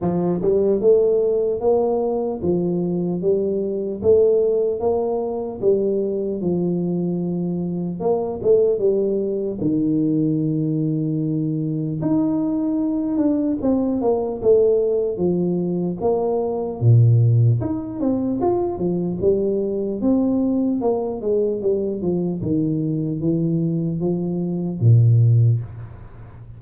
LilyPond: \new Staff \with { instrumentName = "tuba" } { \time 4/4 \tempo 4 = 75 f8 g8 a4 ais4 f4 | g4 a4 ais4 g4 | f2 ais8 a8 g4 | dis2. dis'4~ |
dis'8 d'8 c'8 ais8 a4 f4 | ais4 ais,4 dis'8 c'8 f'8 f8 | g4 c'4 ais8 gis8 g8 f8 | dis4 e4 f4 ais,4 | }